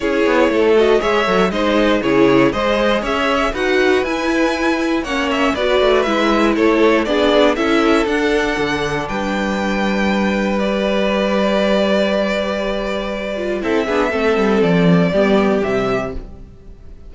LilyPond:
<<
  \new Staff \with { instrumentName = "violin" } { \time 4/4 \tempo 4 = 119 cis''4. dis''8 e''4 dis''4 | cis''4 dis''4 e''4 fis''4 | gis''2 fis''8 e''8 d''4 | e''4 cis''4 d''4 e''4 |
fis''2 g''2~ | g''4 d''2.~ | d''2. e''4~ | e''4 d''2 e''4 | }
  \new Staff \with { instrumentName = "violin" } { \time 4/4 gis'4 a'4 cis''4 c''4 | gis'4 c''4 cis''4 b'4~ | b'2 cis''4 b'4~ | b'4 a'4 gis'4 a'4~ |
a'2 b'2~ | b'1~ | b'2. a'8 gis'8 | a'2 g'2 | }
  \new Staff \with { instrumentName = "viola" } { \time 4/4 e'4. fis'8 gis'8 a'8 dis'4 | e'4 gis'2 fis'4 | e'2 cis'4 fis'4 | e'2 d'4 e'4 |
d'1~ | d'4 g'2.~ | g'2~ g'8 f'8 e'8 d'8 | c'2 b4 g4 | }
  \new Staff \with { instrumentName = "cello" } { \time 4/4 cis'8 b8 a4 gis8 fis8 gis4 | cis4 gis4 cis'4 dis'4 | e'2 ais4 b8 a8 | gis4 a4 b4 cis'4 |
d'4 d4 g2~ | g1~ | g2. c'8 b8 | a8 g8 f4 g4 c4 | }
>>